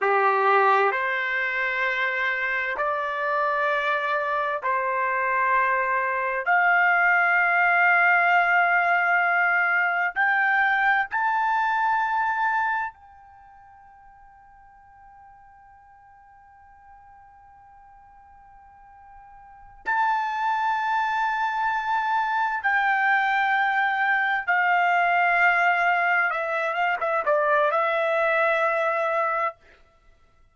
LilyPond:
\new Staff \with { instrumentName = "trumpet" } { \time 4/4 \tempo 4 = 65 g'4 c''2 d''4~ | d''4 c''2 f''4~ | f''2. g''4 | a''2 g''2~ |
g''1~ | g''4. a''2~ a''8~ | a''8 g''2 f''4.~ | f''8 e''8 f''16 e''16 d''8 e''2 | }